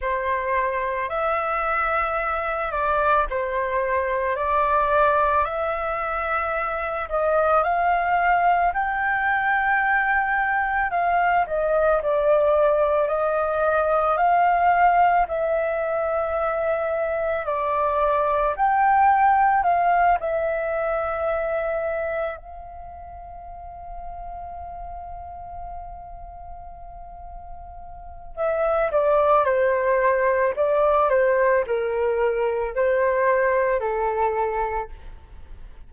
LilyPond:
\new Staff \with { instrumentName = "flute" } { \time 4/4 \tempo 4 = 55 c''4 e''4. d''8 c''4 | d''4 e''4. dis''8 f''4 | g''2 f''8 dis''8 d''4 | dis''4 f''4 e''2 |
d''4 g''4 f''8 e''4.~ | e''8 f''2.~ f''8~ | f''2 e''8 d''8 c''4 | d''8 c''8 ais'4 c''4 a'4 | }